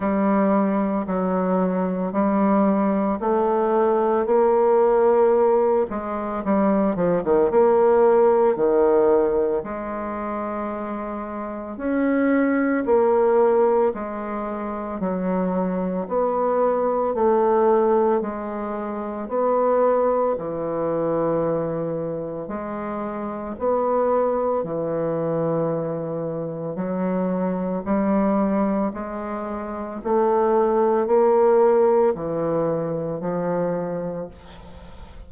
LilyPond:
\new Staff \with { instrumentName = "bassoon" } { \time 4/4 \tempo 4 = 56 g4 fis4 g4 a4 | ais4. gis8 g8 f16 dis16 ais4 | dis4 gis2 cis'4 | ais4 gis4 fis4 b4 |
a4 gis4 b4 e4~ | e4 gis4 b4 e4~ | e4 fis4 g4 gis4 | a4 ais4 e4 f4 | }